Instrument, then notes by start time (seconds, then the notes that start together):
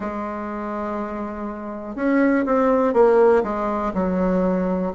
bassoon
0.00 G#3
1.95 C#4
2.45 C4
2.93 A#3
3.42 G#3
3.93 F#3